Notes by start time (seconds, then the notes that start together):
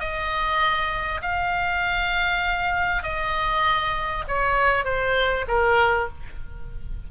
0.00 D#5
1.22 F5
3.03 D#5
4.28 C#5
4.85 C5
5.48 A#4